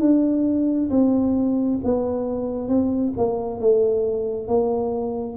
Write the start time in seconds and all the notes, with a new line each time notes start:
0.00 D4
0.90 C4
1.84 B3
2.69 C4
3.17 A#3
3.60 A3
4.48 A#3